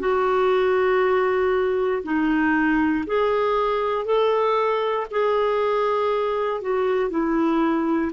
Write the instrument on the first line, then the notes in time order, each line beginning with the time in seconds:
clarinet
0.00 F#4
2.03 D#4
3.06 G#4
4.05 A4
5.11 G#4
6.61 F#4
7.10 E4